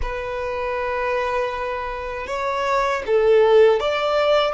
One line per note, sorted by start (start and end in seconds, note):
0.01 2.26 B4
2.26 3.02 C#5
3.06 3.80 A4
3.80 4.54 D5